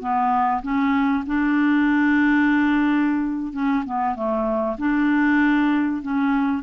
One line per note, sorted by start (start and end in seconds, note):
0.00 0.62 B3
0.62 1.24 C#4
1.27 3.53 D4
3.53 3.84 C#4
3.85 4.15 B3
4.15 4.77 A3
4.78 6.02 D4
6.02 6.63 C#4